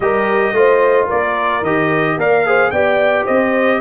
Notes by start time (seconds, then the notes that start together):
0.00 G3 G4 A#4 D#5
0.52 A3 F4 C5
1.06 A#3 A#4 D5
1.62 D#3 G4 D#5
2.17 A#3 A#4 D5 F5
2.46 G#4 C5
2.70 B3 G4 D5 G5
3.25 C4 C5 D#5